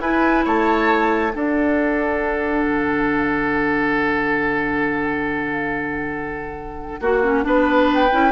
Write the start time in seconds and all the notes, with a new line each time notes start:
0.00 E4 B4 G#5
0.45 A3 C#5 A5
1.32 D4 A4 F#5
2.64 D3
7.00 A#3 F#4
7.23 C#4
7.43 B3 D4 B4
7.94 G5
8.12 C#4 E4